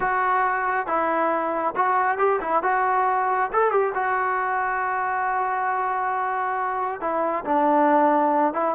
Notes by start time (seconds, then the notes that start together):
0.00 F#4
0.87 E4
1.76 F#4
2.18 G4
2.40 E4
2.62 F#4
3.53 A4
3.71 G4
3.94 F#4
7.00 E4
7.45 D4
8.53 E4